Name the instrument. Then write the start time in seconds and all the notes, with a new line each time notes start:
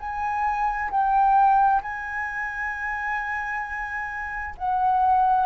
flute
0.00 G#5
0.91 G5
1.83 G#5
4.58 F#5